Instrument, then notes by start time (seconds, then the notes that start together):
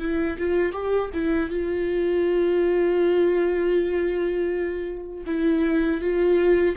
viola
0.00 E4
0.38 F4
0.73 G4
1.13 E4
1.50 F4
5.26 E4
6.01 F4